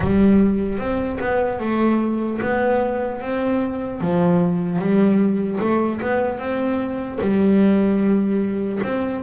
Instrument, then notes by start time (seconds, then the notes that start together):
double bass
0.00 G3
0.78 C4
1.20 B3
1.59 A3
2.41 B3
3.21 C4
4.00 F3
4.79 G3
5.60 A3
6.01 B3
6.39 C4
7.20 G3
8.83 C4